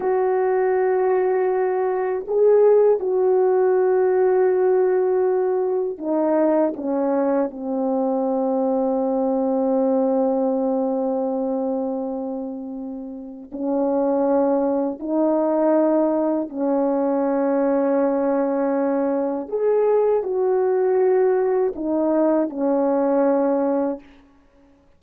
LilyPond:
\new Staff \with { instrumentName = "horn" } { \time 4/4 \tempo 4 = 80 fis'2. gis'4 | fis'1 | dis'4 cis'4 c'2~ | c'1~ |
c'2 cis'2 | dis'2 cis'2~ | cis'2 gis'4 fis'4~ | fis'4 dis'4 cis'2 | }